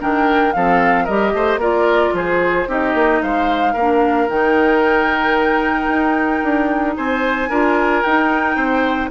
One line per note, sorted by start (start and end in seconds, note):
0.00 0.55 D#3
0.00 0.54 D4
0.00 0.54 A#4
0.00 0.53 G5
0.53 1.08 F3
0.53 1.09 C4
0.53 1.04 A4
0.53 1.06 F5
1.04 1.33 G3
1.04 1.61 G4
1.04 1.31 A#4
1.04 1.59 D#5
1.33 1.57 A3
1.33 1.60 C5
1.57 2.10 A#3
1.57 2.68 F4
1.57 2.14 A#4
1.57 2.16 D5
2.13 2.67 F3
2.13 2.69 G#4
2.13 2.70 C5
2.68 2.94 C4
2.68 3.75 D#4
2.68 3.22 G4
2.68 3.22 D#5
2.94 3.21 A#3
3.22 3.75 G#3
3.22 3.73 C5
3.22 4.29 F5
3.73 4.28 A#3
3.73 6.95 A#4
3.81 4.29 D4
4.29 5.88 D#3
4.29 7.50 D#4
4.29 6.97 G5
5.88 6.42 D#4
6.44 6.97 D4
6.97 7.50 C4
6.97 7.50 C5
6.97 8.02 G#5
7.50 8.03 D4
7.50 8.04 F4
7.50 8.57 A#4
8.02 8.56 D#4
8.02 9.11 D#4
8.02 9.09 G5
8.56 9.09 C4
8.56 9.10 C5